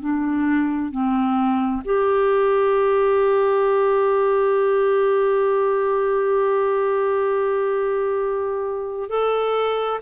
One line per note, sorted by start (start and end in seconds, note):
0.00 0.91 D4
0.91 1.82 C4
1.84 9.09 G4
9.09 10.00 A4